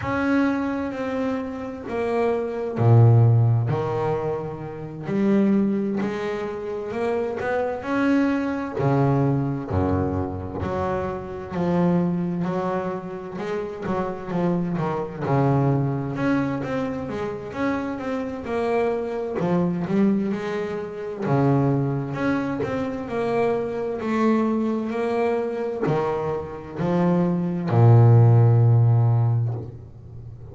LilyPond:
\new Staff \with { instrumentName = "double bass" } { \time 4/4 \tempo 4 = 65 cis'4 c'4 ais4 ais,4 | dis4. g4 gis4 ais8 | b8 cis'4 cis4 fis,4 fis8~ | fis8 f4 fis4 gis8 fis8 f8 |
dis8 cis4 cis'8 c'8 gis8 cis'8 c'8 | ais4 f8 g8 gis4 cis4 | cis'8 c'8 ais4 a4 ais4 | dis4 f4 ais,2 | }